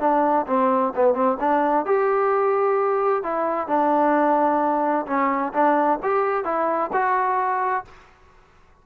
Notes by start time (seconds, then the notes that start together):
0.00 D4
0.47 C4
0.96 B3
1.15 C4
1.40 D4
1.86 G4
3.23 E4
3.68 D4
5.07 C#4
5.54 D4
6.03 G4
6.45 E4
6.93 F#4